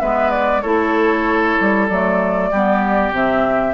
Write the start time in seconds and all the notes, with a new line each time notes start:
0.00 G#3 B3 B4 E5
0.31 D5
0.62 A3 E4 A4 C#5
1.61 G3
1.88 F#3 A3 D5
2.51 G3 B3 G4
3.11 C3 C4 E5